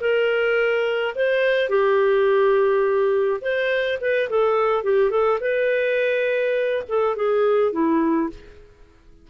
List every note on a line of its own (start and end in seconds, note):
0.00 1.14 A#4
1.15 1.69 C5
1.69 3.40 G4
3.41 3.98 C5
4.00 4.29 B4
4.29 4.83 A4
4.83 5.10 G4
5.10 5.38 A4
5.40 6.83 B4
6.88 7.16 A4
7.16 7.72 G#4
7.72 8.29 E4